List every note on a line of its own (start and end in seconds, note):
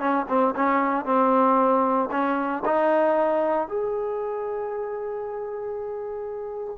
0.00 0.26 C#4
0.29 0.55 C4
0.56 1.05 C#4
1.05 2.10 C4
2.11 2.63 C#4
2.65 3.69 D#4
3.69 6.78 G#4